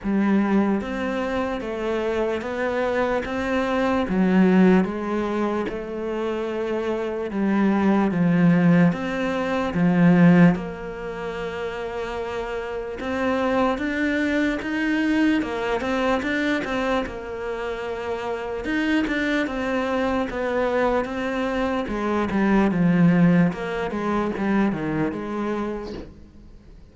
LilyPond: \new Staff \with { instrumentName = "cello" } { \time 4/4 \tempo 4 = 74 g4 c'4 a4 b4 | c'4 fis4 gis4 a4~ | a4 g4 f4 c'4 | f4 ais2. |
c'4 d'4 dis'4 ais8 c'8 | d'8 c'8 ais2 dis'8 d'8 | c'4 b4 c'4 gis8 g8 | f4 ais8 gis8 g8 dis8 gis4 | }